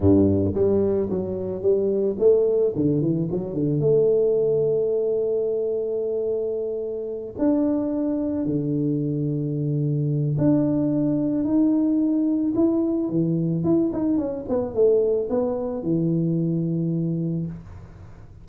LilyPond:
\new Staff \with { instrumentName = "tuba" } { \time 4/4 \tempo 4 = 110 g,4 g4 fis4 g4 | a4 d8 e8 fis8 d8 a4~ | a1~ | a4. d'2 d8~ |
d2. d'4~ | d'4 dis'2 e'4 | e4 e'8 dis'8 cis'8 b8 a4 | b4 e2. | }